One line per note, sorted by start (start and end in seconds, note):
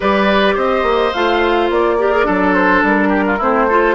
0.00 0.56 G3
0.00 1.13 G4
0.00 0.54 B4
0.00 0.57 D5
0.54 0.83 C4
0.54 1.96 C5
0.54 1.13 D#5
0.83 1.11 A#3
1.13 1.70 A3
1.13 1.99 F4
1.13 1.70 F5
1.70 2.26 A#3
1.70 2.54 D5
1.99 2.12 G4
1.99 2.25 A#4
2.12 2.24 G#4
2.24 2.82 F#3
2.24 3.37 D4
2.24 3.08 A4
2.54 2.82 C5
2.82 3.39 G3
2.82 3.42 A#4
3.08 3.23 G4
3.26 3.37 F4
3.37 3.95 A3
3.37 3.69 C4
3.37 3.65 E4
3.37 3.95 C5
3.68 3.95 F4
3.68 3.95 A4